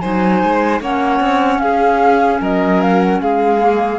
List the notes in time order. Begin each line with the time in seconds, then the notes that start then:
0.00 F#3 D#4 C5 G#5
0.43 G#3
0.80 A#3 C#4 C#5 F#5
1.20 C4
1.59 C#4 G#4 F5
2.41 F#3 A#4 D#5
2.81 F5
3.01 F#5
3.21 G#3 G#4 F5
3.59 A#3